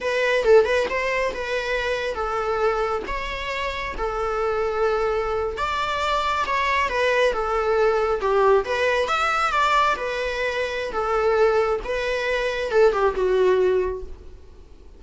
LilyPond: \new Staff \with { instrumentName = "viola" } { \time 4/4 \tempo 4 = 137 b'4 a'8 b'8 c''4 b'4~ | b'4 a'2 cis''4~ | cis''4 a'2.~ | a'8. d''2 cis''4 b'16~ |
b'8. a'2 g'4 b'16~ | b'8. e''4 d''4 b'4~ b'16~ | b'4 a'2 b'4~ | b'4 a'8 g'8 fis'2 | }